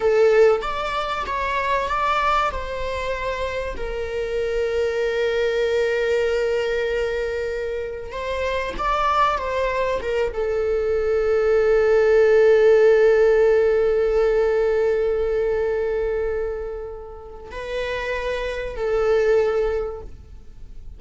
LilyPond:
\new Staff \with { instrumentName = "viola" } { \time 4/4 \tempo 4 = 96 a'4 d''4 cis''4 d''4 | c''2 ais'2~ | ais'1~ | ais'4 c''4 d''4 c''4 |
ais'8 a'2.~ a'8~ | a'1~ | a'1 | b'2 a'2 | }